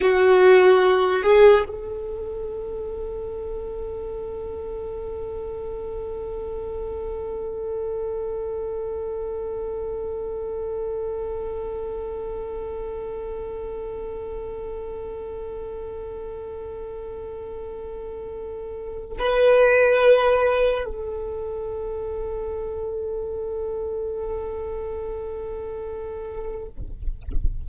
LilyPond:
\new Staff \with { instrumentName = "violin" } { \time 4/4 \tempo 4 = 72 fis'4. gis'8 a'2~ | a'1~ | a'1~ | a'1~ |
a'1~ | a'2. b'4~ | b'4 a'2.~ | a'1 | }